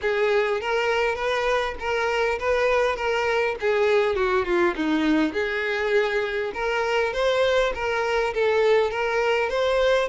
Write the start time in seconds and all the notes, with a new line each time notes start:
0.01 G#4
0.60 A#4
1.15 B4
1.79 A#4
2.39 B4
2.96 A#4
3.60 G#4
4.15 F#4
4.45 F4
4.75 D#4
5.33 G#4
6.54 A#4
7.13 C5
7.74 A#4
8.34 A4
8.91 A#4
9.49 C5